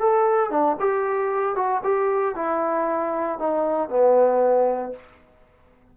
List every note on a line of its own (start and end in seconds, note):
0.00 0.51 A4
0.51 0.77 D4
0.80 1.56 G4
1.56 1.82 F#4
1.84 2.36 G4
2.36 3.39 E4
3.39 3.89 D#4
3.89 4.93 B3